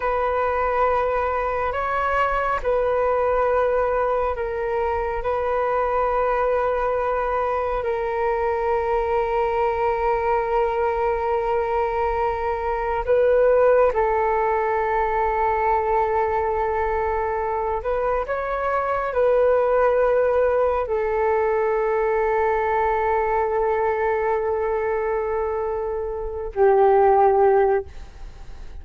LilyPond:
\new Staff \with { instrumentName = "flute" } { \time 4/4 \tempo 4 = 69 b'2 cis''4 b'4~ | b'4 ais'4 b'2~ | b'4 ais'2.~ | ais'2. b'4 |
a'1~ | a'8 b'8 cis''4 b'2 | a'1~ | a'2~ a'8 g'4. | }